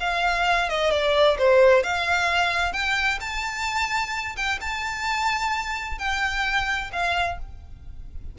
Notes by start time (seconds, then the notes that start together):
0.00 F5
0.69 D#5
0.91 D5
1.38 C5
1.84 F5
2.73 G5
3.21 A5
4.36 G5
4.61 A5
5.99 G5
6.92 F5